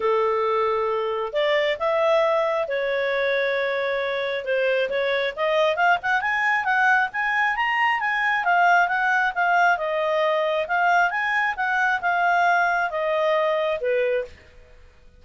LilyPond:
\new Staff \with { instrumentName = "clarinet" } { \time 4/4 \tempo 4 = 135 a'2. d''4 | e''2 cis''2~ | cis''2 c''4 cis''4 | dis''4 f''8 fis''8 gis''4 fis''4 |
gis''4 ais''4 gis''4 f''4 | fis''4 f''4 dis''2 | f''4 gis''4 fis''4 f''4~ | f''4 dis''2 b'4 | }